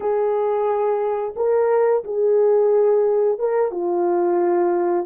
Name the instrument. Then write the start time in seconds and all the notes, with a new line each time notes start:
horn
0.00 G#4
1.36 A#4
2.04 G#4
3.38 A#4
3.71 F4